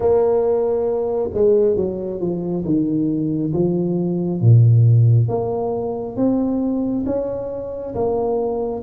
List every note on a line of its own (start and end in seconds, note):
0.00 1.30 A#3
1.33 1.76 G#3
1.76 2.20 F#3
2.20 2.64 F3
2.64 3.53 D#3
3.53 4.40 F3
4.40 5.28 A#2
5.28 6.16 A#3
6.16 7.04 C4
7.06 7.94 C#4
7.94 8.82 A#3